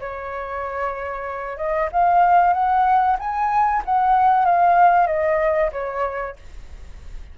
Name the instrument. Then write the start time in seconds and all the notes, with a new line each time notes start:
flute
0.00 C#5
1.57 D#5
1.92 F5
2.53 F#5
3.19 G#5
3.85 F#5
4.45 F5
5.07 D#5
5.72 C#5